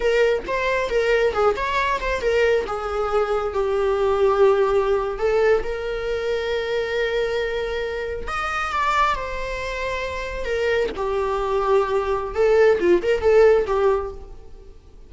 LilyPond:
\new Staff \with { instrumentName = "viola" } { \time 4/4 \tempo 4 = 136 ais'4 c''4 ais'4 gis'8 cis''8~ | cis''8 c''8 ais'4 gis'2 | g'2.~ g'8. a'16~ | a'8. ais'2.~ ais'16~ |
ais'2~ ais'8. dis''4 d''16~ | d''8. c''2. ais'16~ | ais'8. g'2.~ g'16 | a'4 f'8 ais'8 a'4 g'4 | }